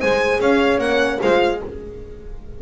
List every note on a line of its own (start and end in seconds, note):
0.00 0.40 G#3
0.00 0.81 G#4
0.00 0.40 C5
0.00 0.40 G#5
0.40 0.78 C#4
0.40 1.20 C#5
0.40 0.80 F5
0.78 1.18 A#3
0.78 1.21 C#4
0.78 1.20 F#5
1.20 1.62 G#3
1.20 1.61 F4
1.20 1.60 C5
1.20 1.62 F5